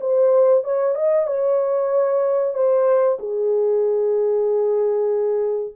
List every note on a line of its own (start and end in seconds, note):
0.00 0.64 C5
0.64 0.95 C#5
0.95 1.26 D#5
1.26 2.54 C#5
2.54 3.17 C5
3.19 5.74 G#4